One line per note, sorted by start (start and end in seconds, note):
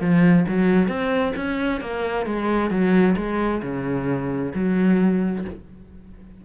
0.00 0.45 F3
0.48 0.88 F#3
0.88 1.33 C4
1.36 1.81 C#4
1.81 2.26 A#3
2.26 2.70 G#3
2.70 3.15 F#3
3.16 3.61 G#3
3.62 4.52 C#3
4.54 5.44 F#3